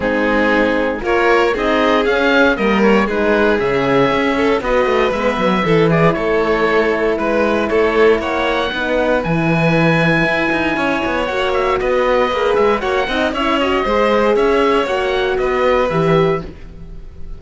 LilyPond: <<
  \new Staff \with { instrumentName = "oboe" } { \time 4/4 \tempo 4 = 117 gis'2 cis''4 dis''4 | f''4 dis''8 cis''8 b'4 e''4~ | e''4 dis''4 e''4. d''8 | cis''2 b'4 cis''4 |
fis''2 gis''2~ | gis''2 fis''8 e''8 dis''4~ | dis''8 e''8 fis''4 e''8 dis''4. | e''4 fis''4 dis''4 e''4 | }
  \new Staff \with { instrumentName = "violin" } { \time 4/4 dis'2 ais'4 gis'4~ | gis'4 ais'4 gis'2~ | gis'8 a'8 b'2 a'8 gis'8 | a'2 b'4 a'4 |
cis''4 b'2.~ | b'4 cis''2 b'4~ | b'4 cis''8 dis''8 cis''4 c''4 | cis''2 b'2 | }
  \new Staff \with { instrumentName = "horn" } { \time 4/4 c'2 f'4 dis'4 | cis'4 ais4 dis'4 cis'4~ | cis'4 fis'4 b4 e'4~ | e'1~ |
e'4 dis'4 e'2~ | e'2 fis'2 | gis'4 fis'8 dis'8 e'8 fis'8 gis'4~ | gis'4 fis'2 g'4 | }
  \new Staff \with { instrumentName = "cello" } { \time 4/4 gis2 ais4 c'4 | cis'4 g4 gis4 cis4 | cis'4 b8 a8 gis8 fis8 e4 | a2 gis4 a4 |
ais4 b4 e2 | e'8 dis'8 cis'8 b8 ais4 b4 | ais8 gis8 ais8 c'8 cis'4 gis4 | cis'4 ais4 b4 e4 | }
>>